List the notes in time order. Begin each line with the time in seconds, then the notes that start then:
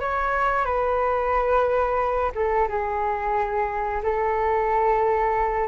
0.00 C#5
0.65 B4
2.35 A4
2.68 G#4
4.03 A4